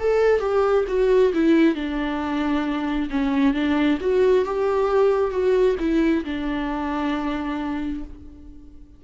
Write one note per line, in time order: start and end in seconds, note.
0.00 0.40 A4
0.40 0.85 G4
0.88 1.33 F#4
1.34 1.75 E4
1.75 3.10 D4
3.11 3.54 C#4
3.54 3.99 D4
4.01 4.45 F#4
4.45 5.32 G4
5.32 5.76 F#4
5.80 6.24 E4
6.25 8.04 D4